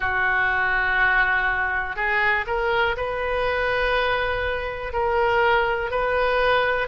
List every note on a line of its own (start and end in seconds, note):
0.00 1.95 F#4
1.95 2.45 G#4
2.46 2.96 A#4
2.96 4.92 B4
4.92 5.90 A#4
5.90 6.87 B4